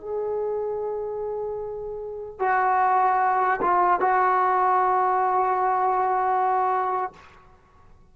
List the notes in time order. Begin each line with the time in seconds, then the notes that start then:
0.00 G#4
2.39 F#4
3.61 F4
4.00 F#4